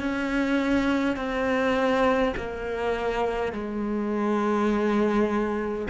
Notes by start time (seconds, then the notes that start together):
0.00 C#4
1.17 C4
2.37 A#3
3.52 G#3